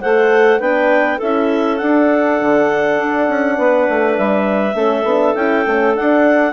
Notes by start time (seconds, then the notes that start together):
0.00 A3 A4 C5 F#5
0.59 B3 D4 B4 G5
1.17 C#4 E4 A4 E5
1.76 D4 F#5
2.40 D3
2.97 D4
3.28 C#4
3.57 B3 B4
3.88 A3
4.17 G3 E5
4.74 A3 C#4 A4
5.03 B3 D4
5.35 C#4 E4 G5
5.66 A3 C#4
5.94 D4 F#5